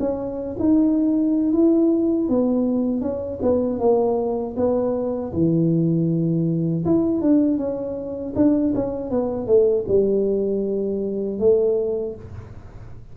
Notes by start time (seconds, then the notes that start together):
0.00 C#4
0.60 D#4
1.53 E4
2.29 B3
3.02 C#4
3.42 B3
3.80 A#3
4.57 B3
5.33 E3
6.86 E4
7.22 D4
7.58 C#4
8.36 D4
8.75 C#4
9.11 B3
9.47 A3
9.88 G3
11.40 A3